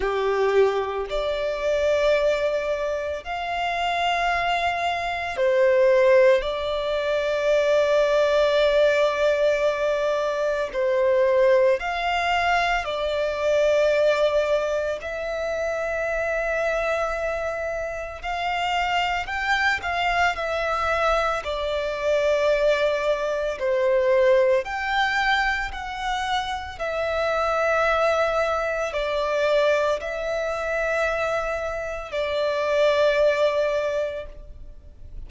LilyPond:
\new Staff \with { instrumentName = "violin" } { \time 4/4 \tempo 4 = 56 g'4 d''2 f''4~ | f''4 c''4 d''2~ | d''2 c''4 f''4 | d''2 e''2~ |
e''4 f''4 g''8 f''8 e''4 | d''2 c''4 g''4 | fis''4 e''2 d''4 | e''2 d''2 | }